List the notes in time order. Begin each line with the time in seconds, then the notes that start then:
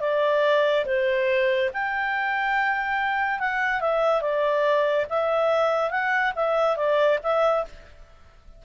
0.00 D5
0.85 C5
1.73 G5
3.39 F#5
3.80 E5
4.21 D5
5.09 E5
5.90 F#5
6.35 E5
6.76 D5
7.23 E5